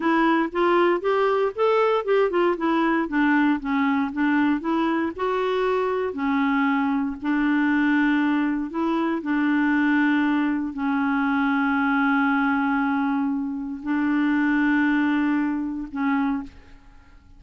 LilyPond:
\new Staff \with { instrumentName = "clarinet" } { \time 4/4 \tempo 4 = 117 e'4 f'4 g'4 a'4 | g'8 f'8 e'4 d'4 cis'4 | d'4 e'4 fis'2 | cis'2 d'2~ |
d'4 e'4 d'2~ | d'4 cis'2.~ | cis'2. d'4~ | d'2. cis'4 | }